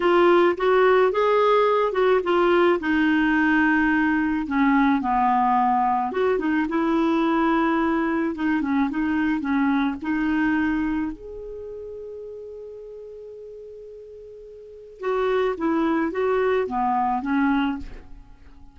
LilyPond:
\new Staff \with { instrumentName = "clarinet" } { \time 4/4 \tempo 4 = 108 f'4 fis'4 gis'4. fis'8 | f'4 dis'2. | cis'4 b2 fis'8 dis'8 | e'2. dis'8 cis'8 |
dis'4 cis'4 dis'2 | gis'1~ | gis'2. fis'4 | e'4 fis'4 b4 cis'4 | }